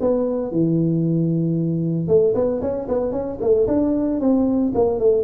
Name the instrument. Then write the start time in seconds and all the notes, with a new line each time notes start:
tuba
0.00 B3
0.51 E3
2.07 A3
2.34 B3
2.61 C#4
2.88 B3
3.11 C#4
3.40 A3
3.67 D4
4.20 C4
4.74 A#3
4.99 A3